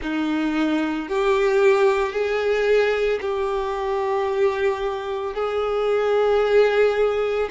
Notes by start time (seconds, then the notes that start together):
0.01 D#4
1.08 G4
2.12 G#4
3.21 G4
5.34 G#4